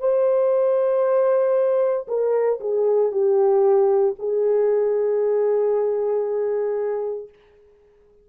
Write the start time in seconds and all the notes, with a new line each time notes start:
0.00 C5
2.08 A#4
2.61 G#4
3.12 G4
4.19 G#4